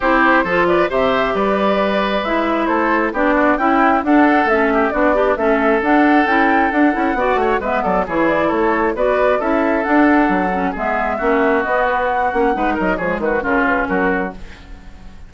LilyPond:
<<
  \new Staff \with { instrumentName = "flute" } { \time 4/4 \tempo 4 = 134 c''4. d''8 e''4 d''4~ | d''4 e''4 c''4 d''4 | g''4 fis''4 e''4 d''4 | e''4 fis''4 g''4 fis''4~ |
fis''4 e''8 d''8 cis''8 d''8 cis''4 | d''4 e''4 fis''2 | e''2 dis''8 b'8 fis''4~ | fis''8 dis''8 cis''8 b'8 ais'8 b'8 ais'4 | }
  \new Staff \with { instrumentName = "oboe" } { \time 4/4 g'4 a'8 b'8 c''4 b'4~ | b'2 a'4 g'8 fis'8 | e'4 a'4. g'8 fis'8 d'8 | a'1 |
d''8 cis''8 b'8 a'8 gis'4 a'4 | b'4 a'2. | gis'4 fis'2. | b'8 ais'8 gis'8 fis'8 f'4 fis'4 | }
  \new Staff \with { instrumentName = "clarinet" } { \time 4/4 e'4 f'4 g'2~ | g'4 e'2 d'4 | e'4 d'4 cis'4 d'8 g'8 | cis'4 d'4 e'4 d'8 e'8 |
fis'4 b4 e'2 | fis'4 e'4 d'4. cis'8 | b4 cis'4 b4. cis'8 | dis'4 gis4 cis'2 | }
  \new Staff \with { instrumentName = "bassoon" } { \time 4/4 c'4 f4 c4 g4~ | g4 gis4 a4 b4 | cis'4 d'4 a4 b4 | a4 d'4 cis'4 d'8 cis'8 |
b8 a8 gis8 fis8 e4 a4 | b4 cis'4 d'4 fis4 | gis4 ais4 b4. ais8 | gis8 fis8 f8 dis8 cis4 fis4 | }
>>